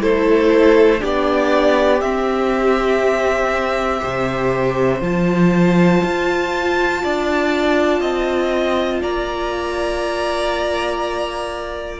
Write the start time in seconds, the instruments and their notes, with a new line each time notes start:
0.00 cello A3, viola E4, violin A4 C5
0.99 cello B3, viola D4, violin G4 D5
2.01 viola C4, cello C4, violin E5
3.99 cello C3, viola G4, violin C5
5.00 cello F3, viola F4, violin A5
6.03 cello F4
7.03 cello D4, violin D5
8.00 cello C4, violin D#5
9.01 cello A#3, violin D5 A#5